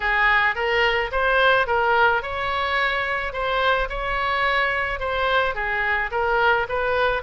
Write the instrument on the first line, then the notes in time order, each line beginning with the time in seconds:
oboe
0.00 G#4
0.55 A#4
1.11 C5
1.66 A#4
2.22 C#5
3.33 C5
3.89 C#5
4.99 C5
5.54 G#4
6.11 A#4
6.68 B4